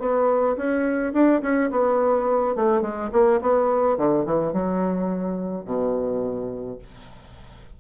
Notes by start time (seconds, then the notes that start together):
0.00 B3
0.57 C#4
1.14 D4
1.42 C#4
1.71 B3
2.56 A3
2.82 G#3
3.13 A#3
3.41 B3
3.98 D3
4.26 E3
4.53 F#3
5.66 B2